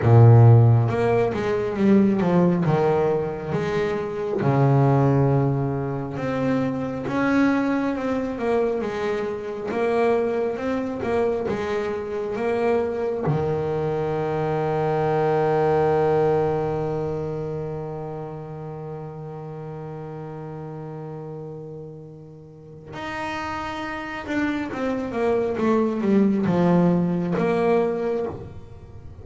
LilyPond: \new Staff \with { instrumentName = "double bass" } { \time 4/4 \tempo 4 = 68 ais,4 ais8 gis8 g8 f8 dis4 | gis4 cis2 c'4 | cis'4 c'8 ais8 gis4 ais4 | c'8 ais8 gis4 ais4 dis4~ |
dis1~ | dis1~ | dis2 dis'4. d'8 | c'8 ais8 a8 g8 f4 ais4 | }